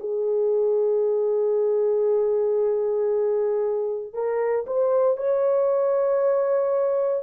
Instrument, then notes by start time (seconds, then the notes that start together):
horn
0.00 G#4
4.13 A#4
4.66 C5
5.17 C#5